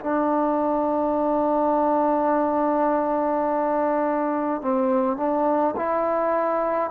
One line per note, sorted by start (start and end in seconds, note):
0.00 4.62 D4
4.62 5.17 C4
5.17 5.75 D4
5.76 6.91 E4